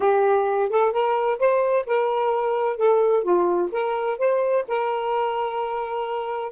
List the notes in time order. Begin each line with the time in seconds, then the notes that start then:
0.00 G4
0.69 A4
0.92 A#4
1.39 C5
1.86 A#4
2.77 A4
3.23 F4
3.72 A#4
4.18 C5
4.67 A#4